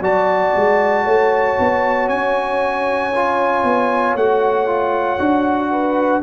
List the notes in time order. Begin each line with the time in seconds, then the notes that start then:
0.00 F#3 F#4 D5 A5
0.55 G#3
1.05 A3 C#5
1.59 B3
2.08 C#4 G#5
3.14 F4
3.63 B3
4.14 A3 F#4 F#5
4.66 F4
5.18 D4 F#4
5.70 B4